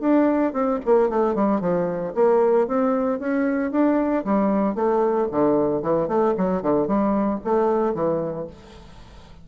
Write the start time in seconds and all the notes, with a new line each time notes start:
0.00 D4
0.53 C4
0.85 A#3
1.09 A3
1.35 G3
1.61 F3
2.15 A#3
2.67 C4
3.19 C#4
3.72 D4
4.24 G3
4.75 A3
5.31 D3
5.82 E3
6.08 A3
6.37 F#3
6.62 D3
6.87 G3
7.44 A3
7.94 E3